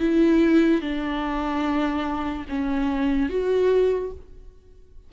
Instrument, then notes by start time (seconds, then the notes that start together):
viola
0.00 E4
0.82 D4
2.49 C#4
3.30 F#4